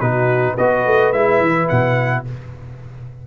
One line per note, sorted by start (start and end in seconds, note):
0.00 0.56 B2
0.00 0.58 D#4
0.00 0.54 F#4
0.00 0.56 B4
0.54 0.86 B3
0.54 1.14 F#4
0.54 2.21 B4
0.54 1.12 D#5
0.86 1.13 A3
1.12 1.41 G#3
1.12 2.25 E4
1.12 1.68 E5
1.41 1.69 E3
1.68 2.27 B2
1.68 2.24 F#5